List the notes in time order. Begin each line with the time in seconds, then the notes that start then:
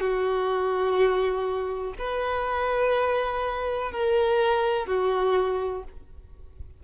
0.00 F#4
1.98 B4
3.91 A#4
4.87 F#4